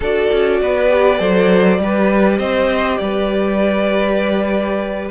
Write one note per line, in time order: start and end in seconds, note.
0.00 0.29 D4
0.00 0.89 F#4
0.00 0.60 A4
0.00 2.38 D5
0.32 0.61 C#4
0.61 1.20 B3
0.61 1.19 B4
0.89 1.18 G4
1.18 1.78 F#3
1.18 1.78 A4
1.18 1.79 C5
1.78 2.38 G3
1.78 5.10 G4
1.78 2.39 B4
2.38 2.98 C4
2.38 2.98 C5
2.38 2.98 D#5
2.98 5.09 G3
2.98 5.10 B4
2.98 5.08 D5